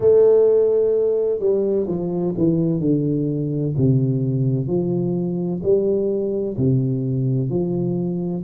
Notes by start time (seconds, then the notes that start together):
0.00 A3
1.39 G3
1.87 F3
2.37 E3
2.80 D3
3.77 C3
4.67 F3
5.62 G3
6.57 C3
7.49 F3